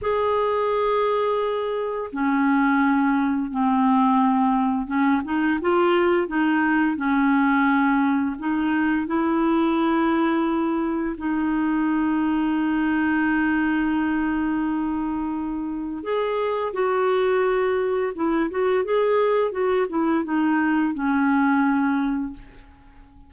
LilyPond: \new Staff \with { instrumentName = "clarinet" } { \time 4/4 \tempo 4 = 86 gis'2. cis'4~ | cis'4 c'2 cis'8 dis'8 | f'4 dis'4 cis'2 | dis'4 e'2. |
dis'1~ | dis'2. gis'4 | fis'2 e'8 fis'8 gis'4 | fis'8 e'8 dis'4 cis'2 | }